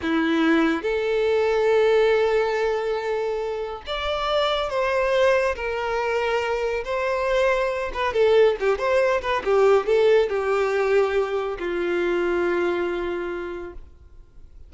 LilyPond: \new Staff \with { instrumentName = "violin" } { \time 4/4 \tempo 4 = 140 e'2 a'2~ | a'1~ | a'4 d''2 c''4~ | c''4 ais'2. |
c''2~ c''8 b'8 a'4 | g'8 c''4 b'8 g'4 a'4 | g'2. f'4~ | f'1 | }